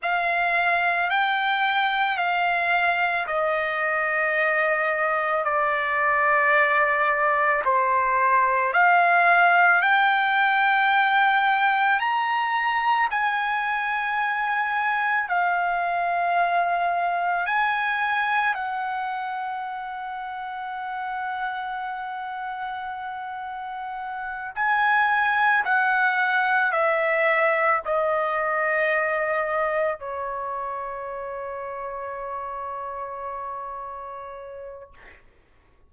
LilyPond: \new Staff \with { instrumentName = "trumpet" } { \time 4/4 \tempo 4 = 55 f''4 g''4 f''4 dis''4~ | dis''4 d''2 c''4 | f''4 g''2 ais''4 | gis''2 f''2 |
gis''4 fis''2.~ | fis''2~ fis''8 gis''4 fis''8~ | fis''8 e''4 dis''2 cis''8~ | cis''1 | }